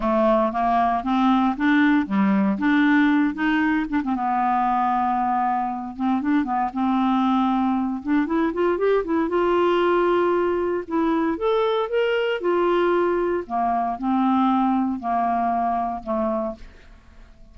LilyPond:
\new Staff \with { instrumentName = "clarinet" } { \time 4/4 \tempo 4 = 116 a4 ais4 c'4 d'4 | g4 d'4. dis'4 d'16 c'16 | b2.~ b8 c'8 | d'8 b8 c'2~ c'8 d'8 |
e'8 f'8 g'8 e'8 f'2~ | f'4 e'4 a'4 ais'4 | f'2 ais4 c'4~ | c'4 ais2 a4 | }